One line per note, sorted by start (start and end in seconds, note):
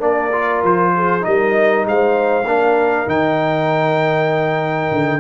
0.00 0.63 A#3
0.00 0.31 D4
0.00 0.92 A#4
0.00 0.63 D5
0.32 1.21 F4
0.64 1.25 F3
0.64 1.25 C5
0.96 1.26 G#4
1.21 1.86 G3
1.21 2.43 D#4
1.21 1.87 A#4
1.21 1.86 D#5
1.86 2.45 G#3
1.86 2.47 C5
1.86 3.09 F5
2.45 3.06 A#3
2.45 3.07 D4
2.45 5.21 A#4
3.07 4.91 D#3
3.07 5.21 D#4
3.07 5.21 G5
4.92 5.21 D3